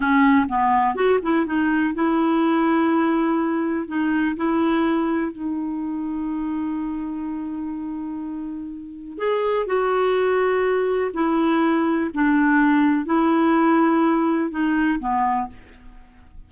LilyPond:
\new Staff \with { instrumentName = "clarinet" } { \time 4/4 \tempo 4 = 124 cis'4 b4 fis'8 e'8 dis'4 | e'1 | dis'4 e'2 dis'4~ | dis'1~ |
dis'2. gis'4 | fis'2. e'4~ | e'4 d'2 e'4~ | e'2 dis'4 b4 | }